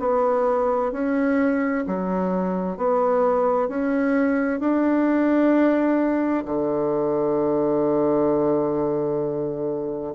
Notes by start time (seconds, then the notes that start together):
0.00 B3
0.92 C#4
1.87 F#3
2.78 B3
3.69 C#4
4.60 D4
6.46 D3